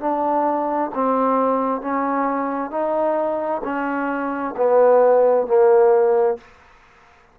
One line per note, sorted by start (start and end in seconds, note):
0.00 0.91 D4
0.95 1.81 C4
1.81 2.71 C#4
2.71 3.62 D#4
3.64 4.55 C#4
4.57 5.47 B3
5.47 6.38 A#3